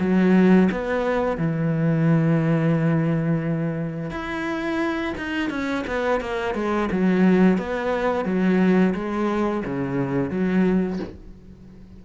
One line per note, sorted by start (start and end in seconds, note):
0.00 0.69 F#3
0.71 1.38 B3
1.38 4.11 E3
4.11 5.14 E4
5.18 5.50 D#4
5.50 5.85 C#4
5.87 6.21 B3
6.21 6.55 A#3
6.55 6.89 G#3
6.92 7.58 F#3
7.58 8.25 B3
8.25 8.94 F#3
8.95 9.64 G#3
9.65 10.30 C#3
10.30 10.99 F#3